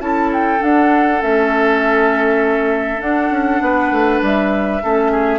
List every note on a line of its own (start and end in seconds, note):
0.00 0.60 C#4
0.00 0.59 E4
0.00 3.63 A4
0.00 0.30 A5
0.33 0.62 G5
0.59 1.19 D4
0.59 1.22 D4
0.59 1.22 F#5
1.20 3.01 A3
1.20 3.00 C#4
1.20 3.01 E5
3.00 4.80 D4
3.00 3.30 D4
3.00 4.21 F#5
3.30 3.60 C#4
3.61 3.91 B3
3.61 4.83 B4
3.91 4.21 A3
4.22 4.82 G3
4.22 5.39 E5
4.83 5.39 A3
4.83 5.39 C#4
4.83 5.11 A4
5.11 5.39 G#4